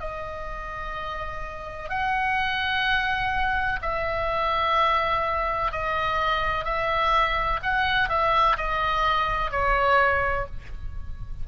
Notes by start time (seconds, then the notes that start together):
0.00 D#5
1.89 F#5
3.81 E5
5.71 D#5
6.65 E5
7.62 F#5
8.09 E5
8.57 D#5
9.51 C#5